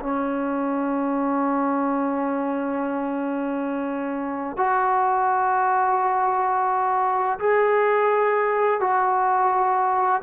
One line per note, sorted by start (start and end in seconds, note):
0.00 4.57 C#4
4.57 7.39 F#4
7.39 8.80 G#4
8.80 10.22 F#4